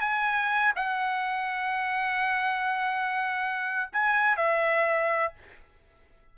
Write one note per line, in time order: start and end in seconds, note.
0.00 0.73 G#5
0.75 3.90 F#5
3.93 4.37 G#5
4.37 5.33 E5